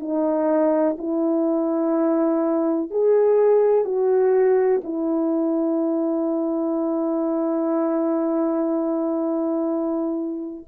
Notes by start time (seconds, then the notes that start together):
0.00 D#4
0.98 E4
2.91 G#4
3.85 F#4
4.84 E4